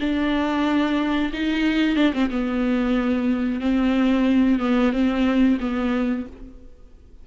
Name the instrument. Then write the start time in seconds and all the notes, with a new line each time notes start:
viola
0.00 D4
1.33 D#4
1.96 D4
2.13 C4
2.30 B3
3.61 C4
4.60 B3
4.93 C4
5.60 B3